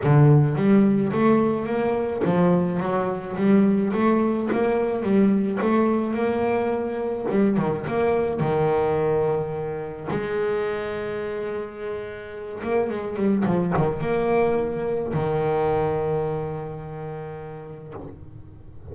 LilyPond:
\new Staff \with { instrumentName = "double bass" } { \time 4/4 \tempo 4 = 107 d4 g4 a4 ais4 | f4 fis4 g4 a4 | ais4 g4 a4 ais4~ | ais4 g8 dis8 ais4 dis4~ |
dis2 gis2~ | gis2~ gis8 ais8 gis8 g8 | f8 dis8 ais2 dis4~ | dis1 | }